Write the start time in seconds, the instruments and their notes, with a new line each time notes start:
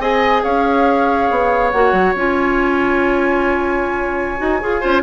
0.00 bassoon C4, clarinet G#4, oboe D#5, flute G#5
0.44 bassoon C#4, oboe C#5, flute F5
1.31 bassoon B3
1.71 bassoon A#3, clarinet F#4, flute F#5
1.93 bassoon F#3
2.15 bassoon C#4, clarinet F4, flute G#5
4.38 bassoon D#4, clarinet F#4
4.61 bassoon F4, clarinet G#4
4.81 bassoon C#4, clarinet F4, oboe C5